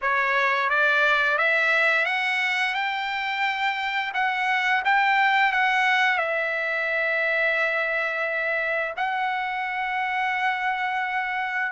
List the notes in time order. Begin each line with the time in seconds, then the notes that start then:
0.01 C#5
0.69 D5
1.38 E5
2.05 F#5
2.74 G5
4.13 F#5
4.84 G5
5.52 F#5
6.18 E5
8.97 F#5